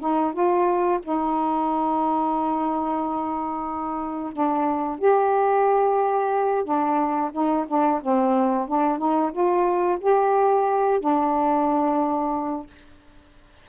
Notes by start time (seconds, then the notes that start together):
0.00 D#4
0.33 F4
1.03 D#4
4.33 D4
4.99 G4
6.65 D4
7.32 D#4
7.68 D4
8.02 C4
8.68 D4
8.98 D#4
9.32 F4
10.01 G4
11.00 D4